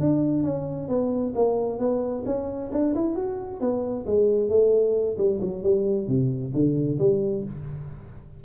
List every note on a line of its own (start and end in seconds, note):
0.00 0.43 D4
0.43 0.88 C#4
0.89 1.34 B3
1.35 1.79 A#3
1.79 2.24 B3
2.25 2.70 C#4
2.72 2.94 D4
2.95 3.15 E4
3.15 3.60 F#4
3.60 4.06 B3
4.06 4.49 G#3
4.49 5.17 A3
5.17 5.40 G3
5.41 5.63 F#3
5.63 6.08 G3
6.08 6.53 C3
6.53 6.98 D3
6.99 7.44 G3